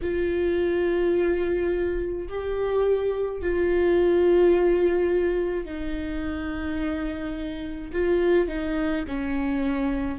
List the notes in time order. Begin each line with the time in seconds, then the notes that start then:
0.01 F4
2.28 G4
3.41 F4
5.65 D#4
7.92 F4
8.48 D#4
9.07 C#4